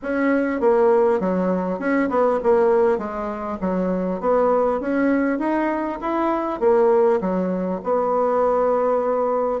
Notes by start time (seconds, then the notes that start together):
0.02 C#4
0.60 A#3
1.20 F#3
1.79 C#4
2.09 B3
2.43 A#3
2.98 G#3
3.61 F#3
4.20 B3
4.80 C#4
5.38 D#4
6.01 E4
6.60 A#3
7.21 F#3
7.83 B3